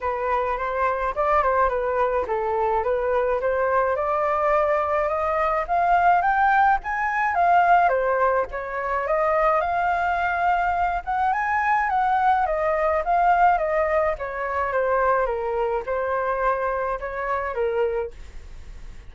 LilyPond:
\new Staff \with { instrumentName = "flute" } { \time 4/4 \tempo 4 = 106 b'4 c''4 d''8 c''8 b'4 | a'4 b'4 c''4 d''4~ | d''4 dis''4 f''4 g''4 | gis''4 f''4 c''4 cis''4 |
dis''4 f''2~ f''8 fis''8 | gis''4 fis''4 dis''4 f''4 | dis''4 cis''4 c''4 ais'4 | c''2 cis''4 ais'4 | }